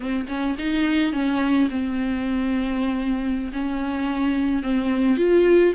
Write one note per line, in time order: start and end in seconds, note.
0.00 0.26 C4
0.28 0.56 C#4
0.58 1.12 D#4
1.12 1.68 C#4
1.69 3.52 C4
3.53 4.62 C#4
4.62 5.17 C4
5.17 5.73 F4